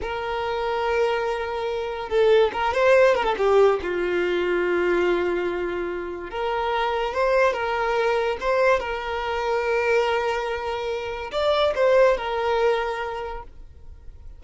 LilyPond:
\new Staff \with { instrumentName = "violin" } { \time 4/4 \tempo 4 = 143 ais'1~ | ais'4 a'4 ais'8 c''4 ais'16 a'16 | g'4 f'2.~ | f'2. ais'4~ |
ais'4 c''4 ais'2 | c''4 ais'2.~ | ais'2. d''4 | c''4 ais'2. | }